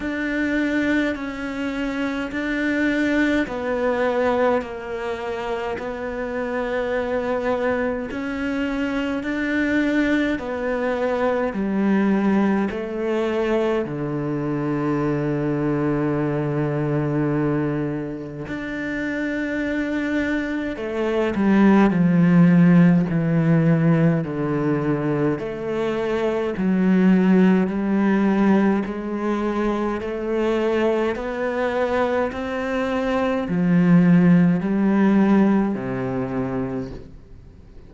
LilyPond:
\new Staff \with { instrumentName = "cello" } { \time 4/4 \tempo 4 = 52 d'4 cis'4 d'4 b4 | ais4 b2 cis'4 | d'4 b4 g4 a4 | d1 |
d'2 a8 g8 f4 | e4 d4 a4 fis4 | g4 gis4 a4 b4 | c'4 f4 g4 c4 | }